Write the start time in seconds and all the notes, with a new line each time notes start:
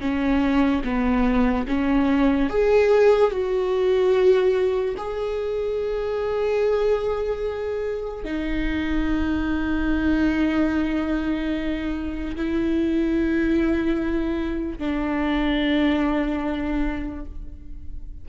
0.00 C#4
0.84 B3
1.67 C#4
2.50 G#4
3.31 F#4
4.97 G#4
8.24 D#4
12.36 E4
14.78 D4